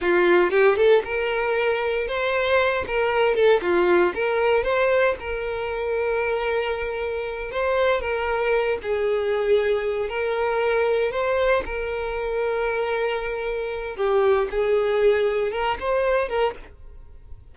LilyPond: \new Staff \with { instrumentName = "violin" } { \time 4/4 \tempo 4 = 116 f'4 g'8 a'8 ais'2 | c''4. ais'4 a'8 f'4 | ais'4 c''4 ais'2~ | ais'2~ ais'8 c''4 ais'8~ |
ais'4 gis'2~ gis'8 ais'8~ | ais'4. c''4 ais'4.~ | ais'2. g'4 | gis'2 ais'8 c''4 ais'8 | }